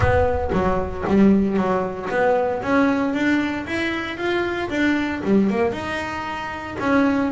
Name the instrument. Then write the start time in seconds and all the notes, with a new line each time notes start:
double bass
0.00 B3
0.52 F#3
1.07 G3
1.57 F#3
2.09 B3
2.62 C#4
3.13 D4
3.66 E4
4.17 F4
4.69 D4
5.24 G3
5.49 A#3
5.72 D#4
6.79 C#4